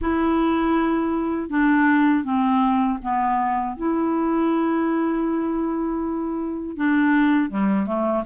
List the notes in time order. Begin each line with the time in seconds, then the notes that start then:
0.01 E4
1.49 D4
2.23 C4
3.02 B3
3.76 E4
6.77 D4
7.50 G3
7.86 A3